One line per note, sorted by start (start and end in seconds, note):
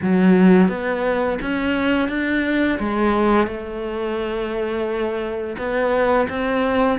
0.02 0.68 F#3
0.68 1.38 B3
1.41 2.09 C#4
2.09 2.78 D4
2.79 3.47 G#3
3.47 5.56 A3
5.58 6.27 B3
6.29 6.98 C4